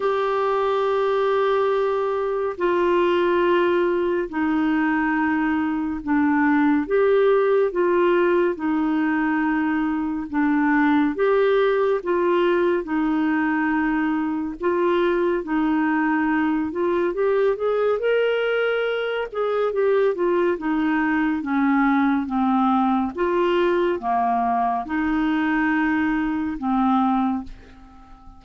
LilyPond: \new Staff \with { instrumentName = "clarinet" } { \time 4/4 \tempo 4 = 70 g'2. f'4~ | f'4 dis'2 d'4 | g'4 f'4 dis'2 | d'4 g'4 f'4 dis'4~ |
dis'4 f'4 dis'4. f'8 | g'8 gis'8 ais'4. gis'8 g'8 f'8 | dis'4 cis'4 c'4 f'4 | ais4 dis'2 c'4 | }